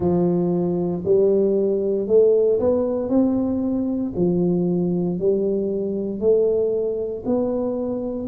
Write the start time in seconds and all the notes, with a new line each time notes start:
0.00 F3
1.04 G3
2.07 A3
2.59 B3
3.09 C4
4.16 F3
5.19 G3
6.20 A3
7.25 B3